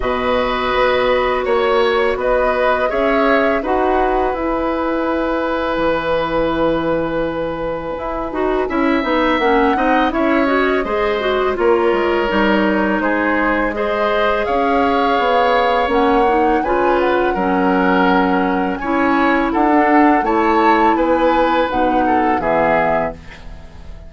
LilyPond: <<
  \new Staff \with { instrumentName = "flute" } { \time 4/4 \tempo 4 = 83 dis''2 cis''4 dis''4 | e''4 fis''4 gis''2~ | gis''1~ | gis''4 fis''4 e''8 dis''4. |
cis''2 c''4 dis''4 | f''2 fis''4 gis''8 fis''8~ | fis''2 gis''4 fis''4 | a''4 gis''4 fis''4 e''4 | }
  \new Staff \with { instrumentName = "oboe" } { \time 4/4 b'2 cis''4 b'4 | cis''4 b'2.~ | b'1 | e''4. dis''8 cis''4 c''4 |
ais'2 gis'4 c''4 | cis''2. b'4 | ais'2 cis''4 a'4 | cis''4 b'4. a'8 gis'4 | }
  \new Staff \with { instrumentName = "clarinet" } { \time 4/4 fis'1 | gis'4 fis'4 e'2~ | e'2.~ e'8 fis'8 | e'8 dis'8 cis'8 dis'8 e'8 fis'8 gis'8 fis'8 |
f'4 dis'2 gis'4~ | gis'2 cis'8 dis'8 f'4 | cis'2 e'4~ e'16 d'8. | e'2 dis'4 b4 | }
  \new Staff \with { instrumentName = "bassoon" } { \time 4/4 b,4 b4 ais4 b4 | cis'4 dis'4 e'2 | e2. e'8 dis'8 | cis'8 b8 ais8 c'8 cis'4 gis4 |
ais8 gis8 g4 gis2 | cis'4 b4 ais4 cis4 | fis2 cis'4 d'4 | a4 b4 b,4 e4 | }
>>